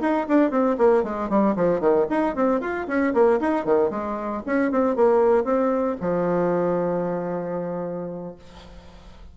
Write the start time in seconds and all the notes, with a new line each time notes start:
0.00 D#4
0.28 D4
0.50 C4
0.78 A#3
1.03 G#3
1.29 G3
1.55 F3
1.80 D#3
2.09 D#4
2.35 C4
2.60 F4
2.87 C#4
3.14 A#3
3.40 D#4
3.65 D#3
3.90 G#3
4.46 C#4
4.71 C4
4.95 A#3
5.44 C4
6.00 F3